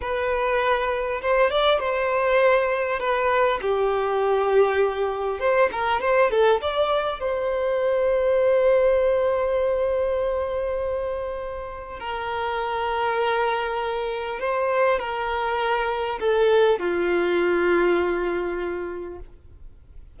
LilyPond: \new Staff \with { instrumentName = "violin" } { \time 4/4 \tempo 4 = 100 b'2 c''8 d''8 c''4~ | c''4 b'4 g'2~ | g'4 c''8 ais'8 c''8 a'8 d''4 | c''1~ |
c''1 | ais'1 | c''4 ais'2 a'4 | f'1 | }